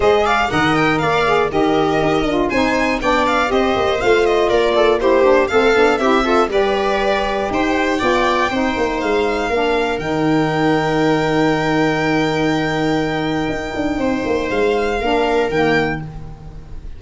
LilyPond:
<<
  \new Staff \with { instrumentName = "violin" } { \time 4/4 \tempo 4 = 120 dis''8 f''8 fis''8 g''8 f''4 dis''4~ | dis''4 gis''4 g''8 f''8 dis''4 | f''8 dis''8 d''4 c''4 f''4 | e''4 d''2 g''4~ |
g''2 f''2 | g''1~ | g''1~ | g''4 f''2 g''4 | }
  \new Staff \with { instrumentName = "viola" } { \time 4/4 c''8 d''8 dis''4 d''4 ais'4~ | ais'4 c''4 d''4 c''4~ | c''4 ais'8 a'8 g'4 a'4 | g'8 a'8 b'2 c''4 |
d''4 c''2 ais'4~ | ais'1~ | ais'1 | c''2 ais'2 | }
  \new Staff \with { instrumentName = "saxophone" } { \time 4/4 gis'4 ais'4. gis'8 g'4~ | g'8 f'8 dis'4 d'4 g'4 | f'2 e'8 d'8 c'8 d'8 | e'8 f'8 g'2. |
f'4 dis'2 d'4 | dis'1~ | dis'1~ | dis'2 d'4 ais4 | }
  \new Staff \with { instrumentName = "tuba" } { \time 4/4 gis4 dis4 ais4 dis4 | dis'8 d'8 c'4 b4 c'8 ais8 | a4 ais2 a8 b8 | c'4 g2 dis'4 |
b4 c'8 ais8 gis4 ais4 | dis1~ | dis2. dis'8 d'8 | c'8 ais8 gis4 ais4 dis4 | }
>>